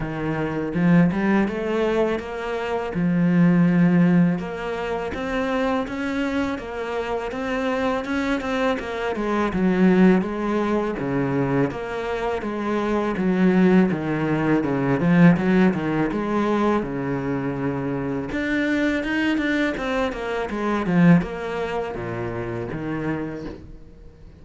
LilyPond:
\new Staff \with { instrumentName = "cello" } { \time 4/4 \tempo 4 = 82 dis4 f8 g8 a4 ais4 | f2 ais4 c'4 | cis'4 ais4 c'4 cis'8 c'8 | ais8 gis8 fis4 gis4 cis4 |
ais4 gis4 fis4 dis4 | cis8 f8 fis8 dis8 gis4 cis4~ | cis4 d'4 dis'8 d'8 c'8 ais8 | gis8 f8 ais4 ais,4 dis4 | }